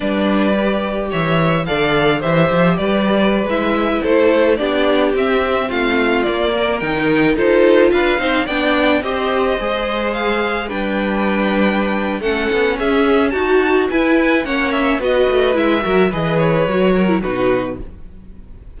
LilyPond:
<<
  \new Staff \with { instrumentName = "violin" } { \time 4/4 \tempo 4 = 108 d''2 e''4 f''4 | e''4 d''4~ d''16 e''4 c''8.~ | c''16 d''4 e''4 f''4 d''8.~ | d''16 g''4 c''4 f''4 g''8.~ |
g''16 dis''2 f''4 g''8.~ | g''2 fis''4 e''4 | a''4 gis''4 fis''8 e''8 dis''4 | e''4 dis''8 cis''4. b'4 | }
  \new Staff \with { instrumentName = "violin" } { \time 4/4 b'2 cis''4 d''4 | c''4 b'2~ b'16 a'8.~ | a'16 g'2 f'4. ais'16~ | ais'4~ ais'16 a'4 b'8 c''8 d''8.~ |
d''16 c''2. b'8.~ | b'2 a'4 gis'4 | fis'4 b'4 cis''4 b'4~ | b'8 ais'8 b'4. ais'8 fis'4 | }
  \new Staff \with { instrumentName = "viola" } { \time 4/4 d'4 g'2 a'4 | g'2~ g'16 e'4.~ e'16~ | e'16 d'4 c'2 ais8.~ | ais16 dis'4 f'4. dis'8 d'8.~ |
d'16 g'4 gis'2 d'8.~ | d'2 cis'2 | fis'4 e'4 cis'4 fis'4 | e'8 fis'8 gis'4 fis'8. e'16 dis'4 | }
  \new Staff \with { instrumentName = "cello" } { \time 4/4 g2 e4 d4 | e8 f8 g4~ g16 gis4 a8.~ | a16 b4 c'4 a4 ais8.~ | ais16 dis4 dis'4 d'8 c'8 b8.~ |
b16 c'4 gis2 g8.~ | g2 a8 b8 cis'4 | dis'4 e'4 ais4 b8 a8 | gis8 fis8 e4 fis4 b,4 | }
>>